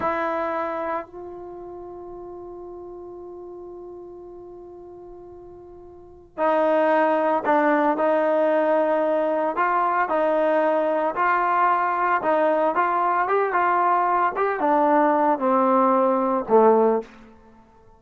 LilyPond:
\new Staff \with { instrumentName = "trombone" } { \time 4/4 \tempo 4 = 113 e'2 f'2~ | f'1~ | f'1 | dis'2 d'4 dis'4~ |
dis'2 f'4 dis'4~ | dis'4 f'2 dis'4 | f'4 g'8 f'4. g'8 d'8~ | d'4 c'2 a4 | }